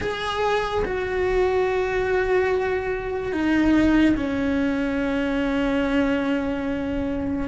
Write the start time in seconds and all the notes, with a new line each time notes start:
0.00 G#4
0.84 F#4
3.32 D#4
4.16 C#4